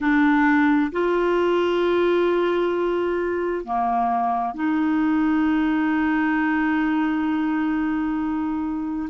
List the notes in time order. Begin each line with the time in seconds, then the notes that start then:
0.00 D4
0.92 F4
3.64 A#3
4.54 D#4